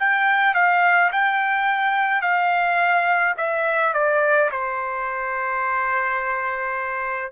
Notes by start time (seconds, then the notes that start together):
0.00 G5
0.55 F5
1.12 G5
2.22 F5
3.38 E5
3.94 D5
4.51 C5